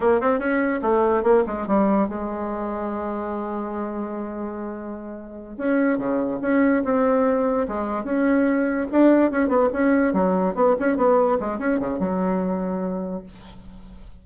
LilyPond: \new Staff \with { instrumentName = "bassoon" } { \time 4/4 \tempo 4 = 145 ais8 c'8 cis'4 a4 ais8 gis8 | g4 gis2.~ | gis1~ | gis4. cis'4 cis4 cis'8~ |
cis'8 c'2 gis4 cis'8~ | cis'4. d'4 cis'8 b8 cis'8~ | cis'8 fis4 b8 cis'8 b4 gis8 | cis'8 cis8 fis2. | }